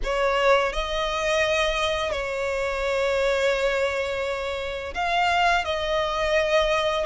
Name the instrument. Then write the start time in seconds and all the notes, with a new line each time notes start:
violin
0.04 C#5
0.72 D#5
2.11 C#5
4.94 F5
5.65 D#5